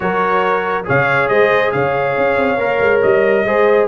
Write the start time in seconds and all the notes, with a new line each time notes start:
0.00 F#3 F#4 A#4 C#5
0.84 C#3 G#4 C#5 F5
1.28 G#3 C5 D#5
1.72 C#3 C#5 F5
2.17 C#4
2.37 C4
2.58 A#3 A#4
2.79 G#3
3.01 G3 D#5
3.44 G#3 G#4 C5